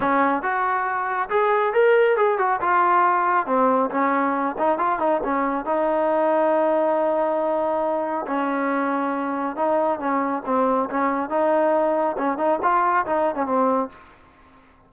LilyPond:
\new Staff \with { instrumentName = "trombone" } { \time 4/4 \tempo 4 = 138 cis'4 fis'2 gis'4 | ais'4 gis'8 fis'8 f'2 | c'4 cis'4. dis'8 f'8 dis'8 | cis'4 dis'2.~ |
dis'2. cis'4~ | cis'2 dis'4 cis'4 | c'4 cis'4 dis'2 | cis'8 dis'8 f'4 dis'8. cis'16 c'4 | }